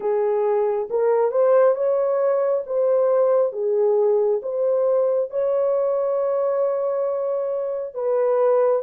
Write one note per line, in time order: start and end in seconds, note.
0.00 0.88 G#4
0.89 1.31 A#4
1.31 1.75 C5
1.75 2.63 C#5
2.66 3.52 C5
3.52 4.40 G#4
4.42 5.30 C5
5.30 7.94 C#5
7.94 8.82 B4